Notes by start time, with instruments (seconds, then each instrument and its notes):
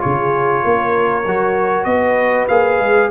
0.00 tuba C#3, trombone F4, horn G#4, trumpet C#5
0.64 tuba A#3, horn A#4
1.27 tuba F#3, trombone F#4
1.85 tuba B3, horn B4, trumpet D#5
2.48 tuba A#3, trombone G#4, trumpet F5
2.80 tuba G#3